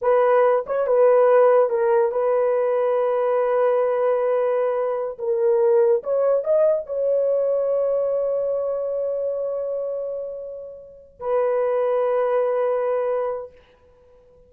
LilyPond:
\new Staff \with { instrumentName = "horn" } { \time 4/4 \tempo 4 = 142 b'4. cis''8 b'2 | ais'4 b'2.~ | b'1~ | b'16 ais'2 cis''4 dis''8.~ |
dis''16 cis''2.~ cis''8.~ | cis''1~ | cis''2~ cis''8 b'4.~ | b'1 | }